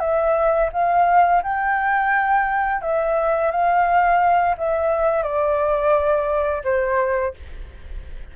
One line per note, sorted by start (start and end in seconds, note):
0.00 0.70 E5
0.73 1.42 F5
1.43 2.82 G5
2.82 3.51 E5
3.51 4.56 F5
4.58 5.23 E5
5.23 6.62 D5
6.64 7.34 C5